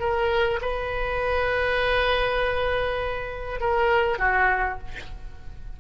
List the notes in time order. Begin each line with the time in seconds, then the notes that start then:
0.00 A#4
0.62 B4
3.61 A#4
4.19 F#4